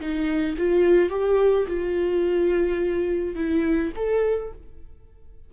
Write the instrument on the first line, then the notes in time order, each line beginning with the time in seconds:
viola
0.00 D#4
0.58 F4
1.10 G4
1.67 F4
3.36 E4
3.96 A4